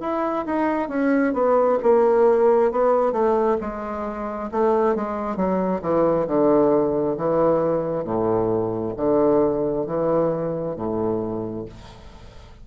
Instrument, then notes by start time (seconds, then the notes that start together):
bassoon
0.00 E4
0.46 D#4
0.89 C#4
1.34 B3
1.83 A#3
2.71 B3
3.12 A3
3.61 G#3
4.51 A3
4.95 G#3
5.36 F#3
5.82 E3
6.27 D3
7.17 E3
8.04 A2
8.96 D3
9.86 E3
10.76 A2